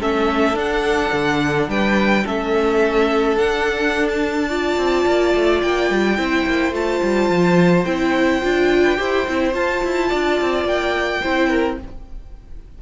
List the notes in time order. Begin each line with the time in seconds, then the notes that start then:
0.00 A3 C#4 A4 E5
0.54 D4 F#5
1.12 D3
1.68 G3 B4 G5
2.24 A3 C#4 A4 E5
3.36 D4 F#5
4.08 A5
4.48 F4 D5
4.77 C4
5.06 A#3
5.34 A3
5.62 A#3 G5
5.90 G3
6.17 C4 E4 C5
6.46 A#3
6.71 A3 F4 A5
7.03 G3
7.29 F3
7.85 C4 E4 G5
8.41 D4 F4
8.83 B4
8.97 E4 G4 C5
9.27 C4 E4
9.53 F4 A5
9.84 E4
10.09 D4 D5
10.41 C4
10.64 A#3 G5
11.22 C4 E4 C5
11.49 A#4